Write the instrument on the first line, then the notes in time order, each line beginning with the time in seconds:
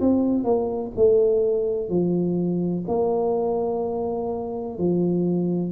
tuba
0.00 C4
0.44 A#3
0.96 A3
1.89 F3
2.87 A#3
4.78 F3